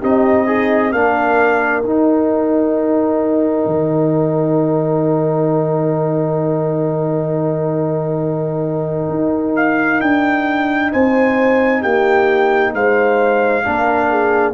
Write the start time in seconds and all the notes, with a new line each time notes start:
0.00 C4 D#4 G4 D#5
0.46 D#4 G#4
0.91 A#3 D4 A#4 F5
1.82 D#4 G5
3.66 D#3
9.10 D#4
9.56 F5
10.01 D4 G5
10.92 C4 C5 G#5
11.82 A#3 G4 G5
12.74 G#3 C5 F5
13.65 A#3 D4 A#4
14.10 G#4